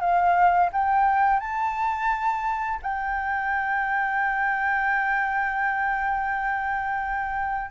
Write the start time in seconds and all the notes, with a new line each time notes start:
0.00 F5
0.73 G5
1.40 A5
2.82 G5